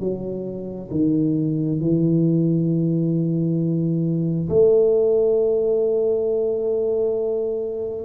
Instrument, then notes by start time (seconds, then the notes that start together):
tuba
0.00 F#3
0.91 D#3
1.80 E3
4.49 A3